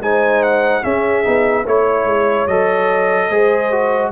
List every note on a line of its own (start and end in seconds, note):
0.00 0.82 G#3
0.00 0.83 D#4
0.00 0.84 C5
0.00 0.43 G#5
0.43 0.84 F#5
0.83 1.24 C#4
0.83 1.26 C#4
0.83 1.65 G#4
0.83 1.66 E5
1.24 1.66 B3
1.24 1.65 D#4
1.65 2.06 A3
1.65 2.49 E4
1.65 3.29 C#5
1.65 2.48 C#5
2.06 2.47 G#3
2.47 3.29 F#3
2.47 3.31 A4
2.47 4.12 D#5
3.29 4.12 G#3
3.29 3.72 G#4
3.29 4.12 C5
3.72 4.12 F#4